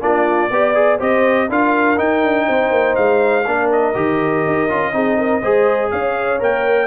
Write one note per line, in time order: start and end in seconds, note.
0.00 0.49 A#3
0.00 0.50 D4
0.00 0.51 F4
0.00 1.00 D5
0.50 1.00 B3
0.50 0.74 G4
0.50 0.98 D5
0.74 0.99 G#4
0.98 1.49 C4
0.98 1.48 G4
0.98 1.48 C5
0.98 1.50 D#5
1.49 1.98 D4
1.49 1.96 F4
1.49 2.46 A#4
1.49 1.98 F5
1.96 3.44 D#4
1.96 2.23 D#4
1.96 2.95 G5
2.23 2.47 D4
2.46 2.70 C4
2.46 3.45 C5
2.70 2.95 A#3
2.95 3.46 G#3
2.95 3.69 F5
3.45 3.95 A#3
3.45 3.94 D4
3.45 4.92 A#4
3.72 5.91 D#5
3.94 4.45 D#3
3.94 4.68 G4
4.47 4.69 D#4
4.68 4.93 C#4
4.68 4.92 F4
4.92 5.42 C4
4.92 5.42 D#4
4.92 5.17 G#4
5.17 5.41 A#4
5.41 5.91 G#3
5.41 6.39 G#4
5.41 5.90 C5
5.90 6.41 C#4
5.90 6.87 C#5
5.90 6.40 F5
6.39 6.87 A#3
6.39 6.87 A#4
6.39 6.87 G5